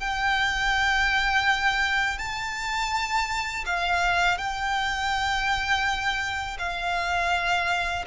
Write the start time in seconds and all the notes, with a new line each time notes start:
0.00 G5
2.18 A5
3.66 F5
4.38 G5
6.59 F5